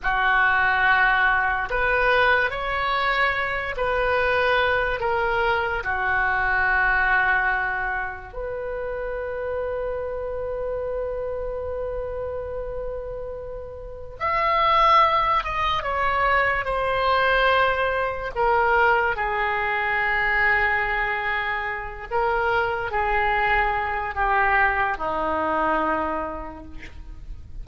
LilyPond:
\new Staff \with { instrumentName = "oboe" } { \time 4/4 \tempo 4 = 72 fis'2 b'4 cis''4~ | cis''8 b'4. ais'4 fis'4~ | fis'2 b'2~ | b'1~ |
b'4 e''4. dis''8 cis''4 | c''2 ais'4 gis'4~ | gis'2~ gis'8 ais'4 gis'8~ | gis'4 g'4 dis'2 | }